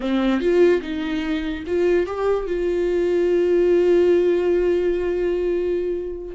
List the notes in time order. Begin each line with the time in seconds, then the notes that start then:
0.00 C4
0.40 F4
0.81 D#4
1.66 F4
2.06 G4
2.47 F4